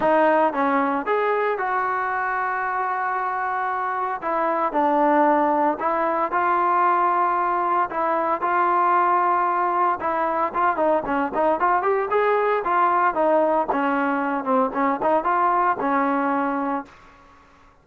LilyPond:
\new Staff \with { instrumentName = "trombone" } { \time 4/4 \tempo 4 = 114 dis'4 cis'4 gis'4 fis'4~ | fis'1 | e'4 d'2 e'4 | f'2. e'4 |
f'2. e'4 | f'8 dis'8 cis'8 dis'8 f'8 g'8 gis'4 | f'4 dis'4 cis'4. c'8 | cis'8 dis'8 f'4 cis'2 | }